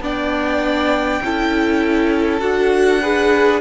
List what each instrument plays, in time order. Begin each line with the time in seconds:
0.00 cello B3, viola D4, violin D5 G5
1.23 cello C#4, viola E4, violin A4
2.40 cello D4, viola F#4, violin F#5
3.02 viola G#4, violin B4